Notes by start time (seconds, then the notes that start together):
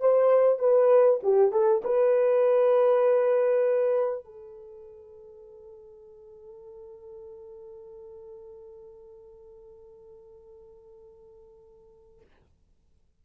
0.00 C5
0.59 B4
1.23 G4
1.51 A4
1.84 B4
4.24 A4